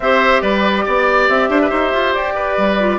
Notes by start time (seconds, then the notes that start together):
0.00 C4 G4 C5 E5
0.41 G3 B4 D5
0.85 B3 D5
1.28 C4 E5
1.49 D4 C5
1.61 B4
1.69 D#4 C5
1.92 F4
2.13 G4 D5
2.35 B4
2.57 G3
2.80 F4